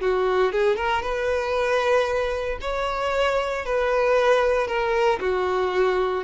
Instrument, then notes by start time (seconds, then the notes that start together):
violin
0.00 F#4
0.52 G#4
0.76 A#4
1.02 B4
2.61 C#5
3.65 B4
4.67 A#4
5.20 F#4